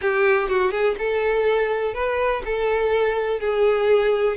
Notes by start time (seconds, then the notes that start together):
0.01 G4
0.48 F#4
0.71 G#4
0.98 A4
1.94 B4
2.45 A4
3.40 G#4